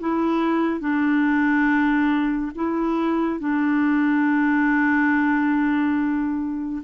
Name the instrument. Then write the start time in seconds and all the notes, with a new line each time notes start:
clarinet
0.00 E4
0.81 D4
2.55 E4
3.40 D4